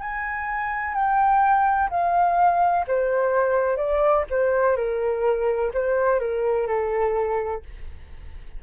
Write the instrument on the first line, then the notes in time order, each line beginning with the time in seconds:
flute
0.00 G#5
0.94 G5
1.90 F5
2.87 C5
3.77 D5
4.30 C5
4.76 A#4
5.74 C5
6.19 A#4
6.67 A4